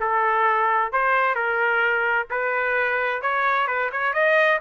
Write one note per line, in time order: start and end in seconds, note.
0.00 0.92 A4
0.92 1.34 C5
1.34 2.27 A#4
2.30 3.21 B4
3.21 3.67 C#5
3.67 3.90 B4
3.91 4.13 C#5
4.13 4.59 D#5